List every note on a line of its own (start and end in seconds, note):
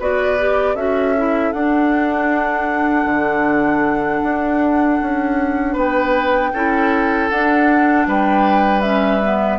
0.00 0.75 B3
0.00 0.39 F#4
0.00 0.75 B4
0.00 0.76 D5
0.39 0.77 G4
0.75 1.52 C#4
0.75 1.15 F#4
0.75 5.73 A4
0.75 1.53 E5
1.17 1.54 E4
1.53 3.05 D4
1.53 6.54 D4
1.53 5.76 F#5
3.05 4.21 D3
4.23 5.00 D4
5.02 5.76 C#4
5.73 6.53 B3
5.73 6.50 B4
5.73 7.30 G5
6.53 7.30 C#4
6.53 7.32 E4
6.53 8.07 A4
7.30 8.07 D4
7.30 8.83 D4
7.30 8.07 F#5
8.07 9.59 G3
8.07 9.59 B4
8.07 8.82 G5
8.82 9.22 C#4
8.82 9.59 E5
9.22 9.59 B3